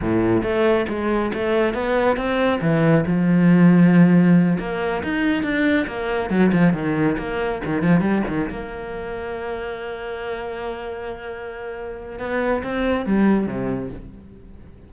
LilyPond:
\new Staff \with { instrumentName = "cello" } { \time 4/4 \tempo 4 = 138 a,4 a4 gis4 a4 | b4 c'4 e4 f4~ | f2~ f8 ais4 dis'8~ | dis'8 d'4 ais4 fis8 f8 dis8~ |
dis8 ais4 dis8 f8 g8 dis8 ais8~ | ais1~ | ais1 | b4 c'4 g4 c4 | }